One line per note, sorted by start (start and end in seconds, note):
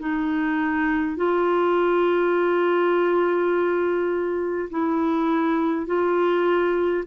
0.00 1.17 D#4
1.17 4.70 F4
4.71 5.87 E4
5.87 7.04 F4